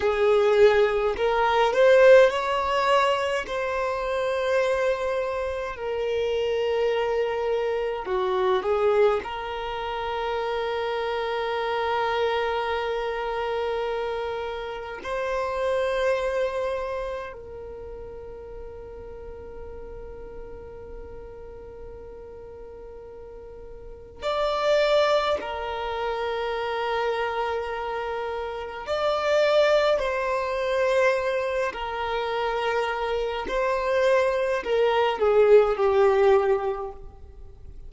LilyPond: \new Staff \with { instrumentName = "violin" } { \time 4/4 \tempo 4 = 52 gis'4 ais'8 c''8 cis''4 c''4~ | c''4 ais'2 fis'8 gis'8 | ais'1~ | ais'4 c''2 ais'4~ |
ais'1~ | ais'4 d''4 ais'2~ | ais'4 d''4 c''4. ais'8~ | ais'4 c''4 ais'8 gis'8 g'4 | }